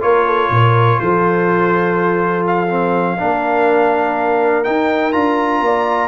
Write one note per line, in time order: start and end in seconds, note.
0.00 0.50 A#3
0.00 2.68 F4
0.00 0.27 A#4
0.00 0.99 C#5
0.27 0.51 A4
0.50 0.99 A#2
0.50 1.01 A#4
0.99 3.20 F3
0.99 3.20 A4
0.99 2.46 C5
2.47 4.64 F5
2.68 3.17 C4
3.18 4.67 A#3
3.18 4.64 D4
3.18 5.64 A#4
4.64 5.13 D#4
4.64 5.14 D#4
4.64 5.12 G5
5.12 5.61 D4
5.12 6.08 F4
5.12 6.08 A#5
5.61 6.08 A#3
5.61 6.08 D5